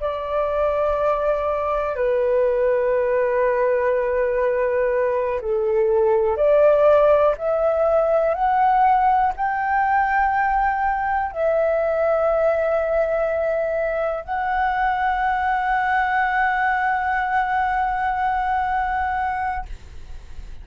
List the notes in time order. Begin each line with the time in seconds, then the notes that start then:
0.00 D5
1.95 B4
5.41 A4
6.37 D5
7.37 E5
8.35 F#5
9.36 G5
11.32 E5
14.24 F#5